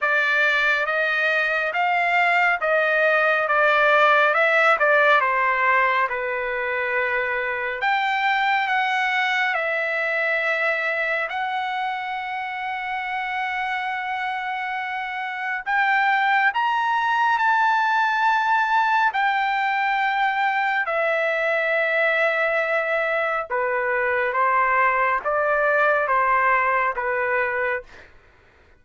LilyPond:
\new Staff \with { instrumentName = "trumpet" } { \time 4/4 \tempo 4 = 69 d''4 dis''4 f''4 dis''4 | d''4 e''8 d''8 c''4 b'4~ | b'4 g''4 fis''4 e''4~ | e''4 fis''2.~ |
fis''2 g''4 ais''4 | a''2 g''2 | e''2. b'4 | c''4 d''4 c''4 b'4 | }